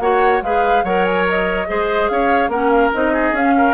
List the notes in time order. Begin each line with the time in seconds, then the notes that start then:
0.00 A#3 F#4 C#5 F#5
0.42 G#3 G#4 B4 F5
0.84 F#3 A#4 C#5 F#5
1.05 G#5
1.30 D#5
1.67 G#3 G#4 C5
2.09 C#4 C#5 F5
2.49 A#3 C#4 A#4 F#5
2.70 F5
2.94 C4 D#4 D#5
3.14 G#4
3.32 C#4 F5
3.58 A#4